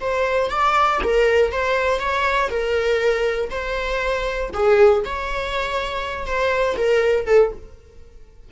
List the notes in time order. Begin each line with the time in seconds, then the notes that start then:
0.00 C5
0.50 D5
1.03 A#4
1.52 C5
2.00 C#5
2.50 A#4
3.50 C5
4.53 G#4
5.05 C#5
6.26 C5
6.77 A#4
7.26 A4